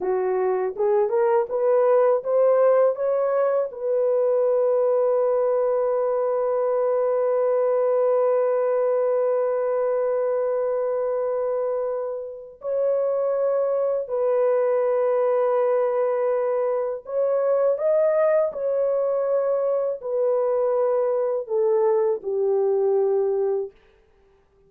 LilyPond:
\new Staff \with { instrumentName = "horn" } { \time 4/4 \tempo 4 = 81 fis'4 gis'8 ais'8 b'4 c''4 | cis''4 b'2.~ | b'1~ | b'1~ |
b'4 cis''2 b'4~ | b'2. cis''4 | dis''4 cis''2 b'4~ | b'4 a'4 g'2 | }